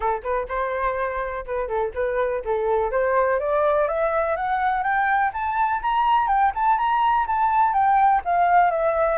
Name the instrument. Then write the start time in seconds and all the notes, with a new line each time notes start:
flute
0.00 A4
0.23 B4
0.48 C5
1.46 B4
1.67 A4
1.94 B4
2.44 A4
2.91 C5
3.39 D5
3.88 E5
4.35 F#5
4.83 G5
5.33 A5
5.82 A#5
6.27 G5
6.54 A5
6.77 A#5
7.26 A5
7.73 G5
8.24 F5
8.71 E5